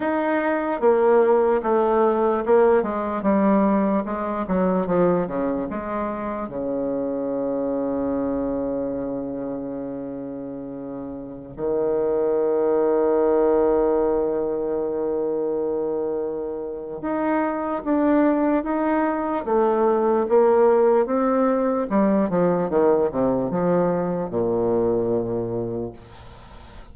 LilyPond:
\new Staff \with { instrumentName = "bassoon" } { \time 4/4 \tempo 4 = 74 dis'4 ais4 a4 ais8 gis8 | g4 gis8 fis8 f8 cis8 gis4 | cis1~ | cis2~ cis16 dis4.~ dis16~ |
dis1~ | dis4 dis'4 d'4 dis'4 | a4 ais4 c'4 g8 f8 | dis8 c8 f4 ais,2 | }